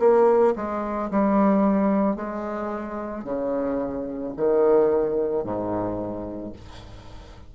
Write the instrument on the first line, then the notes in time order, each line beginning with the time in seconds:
bassoon
0.00 A#3
0.56 G#3
1.11 G3
2.16 G#3
3.24 C#3
4.37 D#3
5.44 G#2